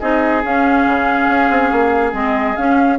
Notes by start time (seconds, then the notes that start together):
0.00 C4 D#4 G#4 D#5
0.44 C#4 F5
0.86 C#3
1.28 C#4
1.49 C4
1.72 A#3
2.13 G#3 C4 D#5
2.56 C#4 F5